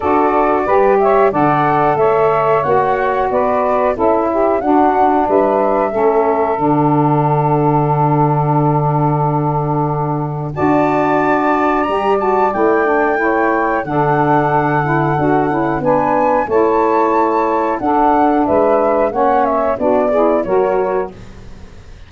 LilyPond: <<
  \new Staff \with { instrumentName = "flute" } { \time 4/4 \tempo 4 = 91 d''4. e''8 fis''4 e''4 | fis''4 d''4 e''4 fis''4 | e''2 fis''2~ | fis''1 |
a''2 ais''8 a''8 g''4~ | g''4 fis''2. | gis''4 a''2 fis''4 | e''4 fis''8 e''8 d''4 cis''4 | }
  \new Staff \with { instrumentName = "saxophone" } { \time 4/4 a'4 b'8 cis''8 d''4 cis''4~ | cis''4 b'4 a'8 g'8 fis'4 | b'4 a'2.~ | a'1 |
d''1 | cis''4 a'2. | b'4 cis''2 a'4 | b'4 cis''4 fis'8 gis'8 ais'4 | }
  \new Staff \with { instrumentName = "saxophone" } { \time 4/4 fis'4 g'4 a'2 | fis'2 e'4 d'4~ | d'4 cis'4 d'2~ | d'1 |
fis'2 g'8 fis'8 e'8 d'8 | e'4 d'4. e'8 fis'8 e'8 | d'4 e'2 d'4~ | d'4 cis'4 d'8 e'8 fis'4 | }
  \new Staff \with { instrumentName = "tuba" } { \time 4/4 d'4 g4 d4 a4 | ais4 b4 cis'4 d'4 | g4 a4 d2~ | d1 |
d'2 g4 a4~ | a4 d2 d'8 cis'8 | b4 a2 d'4 | gis4 ais4 b4 fis4 | }
>>